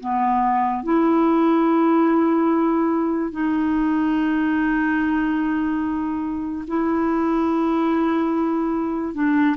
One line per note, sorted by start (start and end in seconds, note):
0.00 0.83 B3
0.83 3.31 E4
3.31 6.65 D#4
6.67 9.14 E4
9.14 9.56 D4